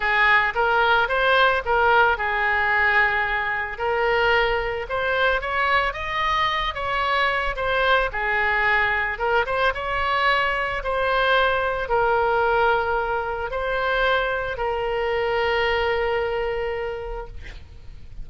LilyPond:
\new Staff \with { instrumentName = "oboe" } { \time 4/4 \tempo 4 = 111 gis'4 ais'4 c''4 ais'4 | gis'2. ais'4~ | ais'4 c''4 cis''4 dis''4~ | dis''8 cis''4. c''4 gis'4~ |
gis'4 ais'8 c''8 cis''2 | c''2 ais'2~ | ais'4 c''2 ais'4~ | ais'1 | }